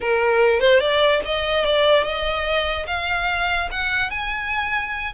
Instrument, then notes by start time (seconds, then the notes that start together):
violin
0.00 A#4
0.60 C5
0.80 D5
1.25 D#5
1.65 D5
2.03 D#5
2.87 F5
3.71 F#5
4.10 G#5